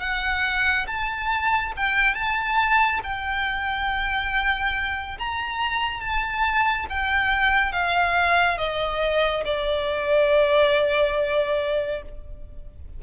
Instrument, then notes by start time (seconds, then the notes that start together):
violin
0.00 F#5
0.87 A5
1.76 G5
2.14 A5
3.03 G5
5.19 A#5
6.00 A5
6.89 G5
7.72 F5
8.58 D#5
9.45 D5